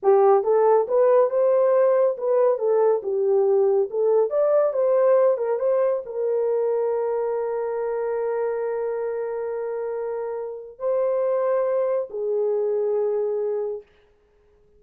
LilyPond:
\new Staff \with { instrumentName = "horn" } { \time 4/4 \tempo 4 = 139 g'4 a'4 b'4 c''4~ | c''4 b'4 a'4 g'4~ | g'4 a'4 d''4 c''4~ | c''8 ais'8 c''4 ais'2~ |
ais'1~ | ais'1~ | ais'4 c''2. | gis'1 | }